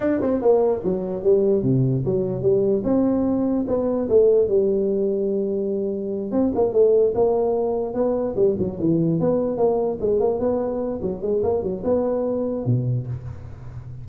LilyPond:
\new Staff \with { instrumentName = "tuba" } { \time 4/4 \tempo 4 = 147 d'8 c'8 ais4 fis4 g4 | c4 fis4 g4 c'4~ | c'4 b4 a4 g4~ | g2.~ g8 c'8 |
ais8 a4 ais2 b8~ | b8 g8 fis8 e4 b4 ais8~ | ais8 gis8 ais8 b4. fis8 gis8 | ais8 fis8 b2 b,4 | }